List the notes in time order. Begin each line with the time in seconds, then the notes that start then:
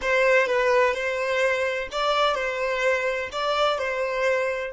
0.01 C5
0.46 B4
0.93 C5
1.91 D5
2.35 C5
3.32 D5
3.78 C5